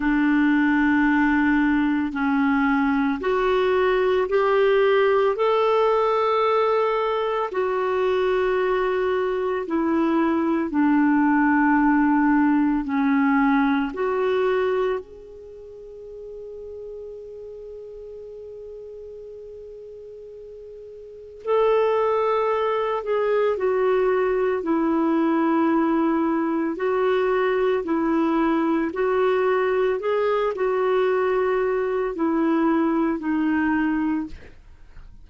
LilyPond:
\new Staff \with { instrumentName = "clarinet" } { \time 4/4 \tempo 4 = 56 d'2 cis'4 fis'4 | g'4 a'2 fis'4~ | fis'4 e'4 d'2 | cis'4 fis'4 gis'2~ |
gis'1 | a'4. gis'8 fis'4 e'4~ | e'4 fis'4 e'4 fis'4 | gis'8 fis'4. e'4 dis'4 | }